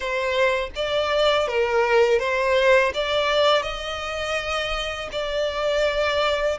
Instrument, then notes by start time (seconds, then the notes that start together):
violin
0.00 C5
0.75 D5
1.47 A#4
2.19 C5
2.94 D5
3.62 D#5
5.12 D5